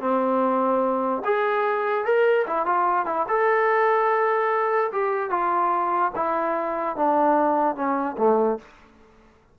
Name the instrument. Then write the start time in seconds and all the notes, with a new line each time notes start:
trombone
0.00 C4
1.24 G#4
2.05 A#4
2.47 E4
2.66 F4
3.06 E4
3.28 A4
4.92 G4
5.30 F4
6.15 E4
6.96 D4
7.76 C#4
8.18 A3